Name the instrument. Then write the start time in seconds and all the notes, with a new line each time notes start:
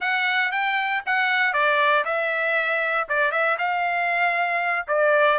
trumpet
0.00 F#5
0.51 G5
1.06 F#5
1.53 D5
2.05 E5
3.08 D5
3.31 E5
3.58 F5
4.87 D5